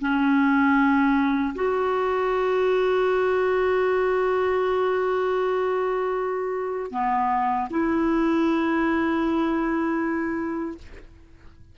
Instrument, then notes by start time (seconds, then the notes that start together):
clarinet
0.00 C#4
1.55 F#4
6.91 B3
7.70 E4